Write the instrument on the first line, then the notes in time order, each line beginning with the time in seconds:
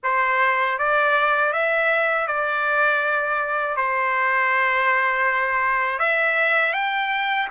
trumpet
0.03 C5
0.78 D5
1.52 E5
2.27 D5
3.76 C5
5.99 E5
6.73 G5